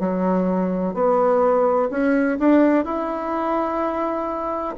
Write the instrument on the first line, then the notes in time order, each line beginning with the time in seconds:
bassoon
0.00 F#3
0.94 B3
1.91 C#4
2.39 D4
2.85 E4